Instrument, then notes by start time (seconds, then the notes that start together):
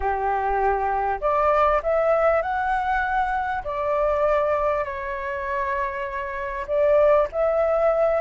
flute
0.00 G4
1.20 D5
1.82 E5
2.41 F#5
3.64 D5
4.84 C#5
6.67 D5
7.31 E5